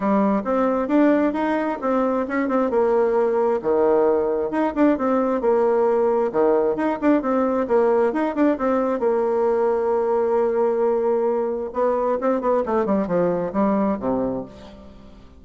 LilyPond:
\new Staff \with { instrumentName = "bassoon" } { \time 4/4 \tempo 4 = 133 g4 c'4 d'4 dis'4 | c'4 cis'8 c'8 ais2 | dis2 dis'8 d'8 c'4 | ais2 dis4 dis'8 d'8 |
c'4 ais4 dis'8 d'8 c'4 | ais1~ | ais2 b4 c'8 b8 | a8 g8 f4 g4 c4 | }